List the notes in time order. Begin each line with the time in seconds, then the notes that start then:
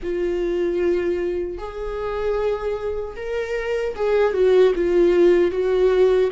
0.03 F4
1.58 G#4
3.16 A#4
3.95 G#4
4.33 F#4
4.75 F4
5.51 F#4